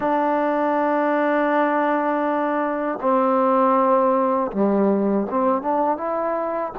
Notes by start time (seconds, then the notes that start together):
0.00 D4
3.01 C4
4.52 G3
5.30 C4
5.61 D4
5.97 E4